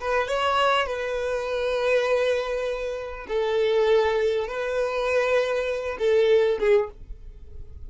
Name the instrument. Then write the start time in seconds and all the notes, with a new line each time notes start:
violin
0.00 B4
0.28 C#5
0.86 B4
3.27 A4
4.47 B4
5.98 A4
6.59 G#4